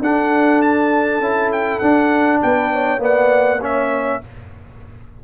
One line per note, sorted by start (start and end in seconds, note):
0.00 1.19 D4
0.00 1.22 D4
0.00 2.43 A4
0.00 0.61 F#5
0.61 1.52 A5
1.19 1.79 C#4
1.19 1.82 E4
1.52 1.79 G5
1.79 2.42 D4
1.79 2.99 D4
1.79 2.39 F#5
2.42 2.98 B3
2.42 2.73 B4
2.42 3.02 G5
2.73 3.02 C#5
2.98 4.18 A#3
2.98 3.59 B3
2.98 3.62 D5
2.98 3.64 F#5
3.61 4.21 C#4
3.61 4.22 C#5
3.61 4.24 E5